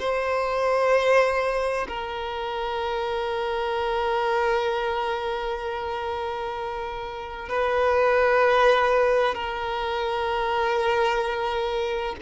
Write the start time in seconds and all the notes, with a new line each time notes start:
0.00 C5
1.88 A#4
7.49 B4
9.35 A#4